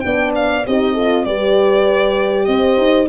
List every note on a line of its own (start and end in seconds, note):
0.00 0.66 B3
0.00 0.64 D4
0.00 0.67 D5
0.00 0.31 G5
0.35 0.66 F5
0.66 1.25 C4
0.66 0.97 D#4
0.66 0.93 G4
0.66 1.24 D#5
0.93 1.25 F4
0.93 1.24 A4
1.24 2.47 G3
1.24 3.09 G4
1.24 2.48 B4
1.24 2.45 D5
2.45 2.77 C4
2.45 3.09 C5
2.45 3.06 D#5
2.77 3.08 D#4